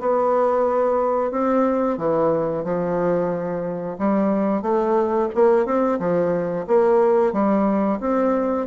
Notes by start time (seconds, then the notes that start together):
0.00 B3
1.31 C4
1.97 E3
2.64 F3
3.98 G3
4.62 A3
5.34 A#3
5.65 C4
5.99 F3
6.67 A#3
7.32 G3
8.00 C4